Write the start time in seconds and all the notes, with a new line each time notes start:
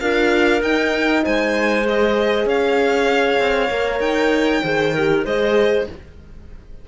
0.00 D4 F4 A#4 F5
0.61 D#4 G5
1.24 G#3 C5 G#5
1.84 G#4 D#5
2.45 C#4 C#5 F5
3.38 C4
3.70 A#3 A#4
4.00 D#4 G5
4.63 D#3 G#4 C5
4.94 G4 A#4
5.24 G#3 G#4 C5 D#5